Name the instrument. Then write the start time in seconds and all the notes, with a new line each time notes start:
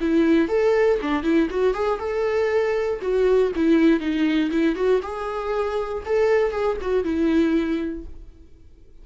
viola
0.00 E4
0.48 A4
1.01 D4
1.23 E4
1.50 F#4
1.74 G#4
1.99 A4
3.01 F#4
3.55 E4
4.00 D#4
4.51 E4
4.75 F#4
5.02 G#4
6.05 A4
6.52 G#4
6.81 F#4
7.04 E4